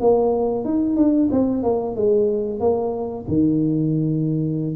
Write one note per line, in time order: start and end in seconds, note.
0.00 0.64 A#3
0.64 0.96 D#4
0.96 1.29 D4
1.32 1.63 C4
1.63 1.96 A#3
1.96 2.60 G#3
2.60 3.25 A#3
3.28 4.76 D#3